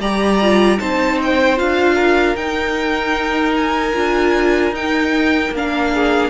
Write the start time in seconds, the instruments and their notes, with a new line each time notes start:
0.00 cello G3, viola G4, violin D5 A#5
0.42 viola F4
0.79 cello C4, viola D#4, violin C5 A5
1.22 violin G5
1.57 cello D4, viola F4, violin F5
1.95 violin A#4
2.35 cello D#4, viola D#4, violin G5
3.57 violin G#5
3.95 cello D4, viola F4
4.71 cello D#4, viola D#4, violin G5
5.51 cello A#3, viola D4
5.57 violin F5
5.93 violin G#4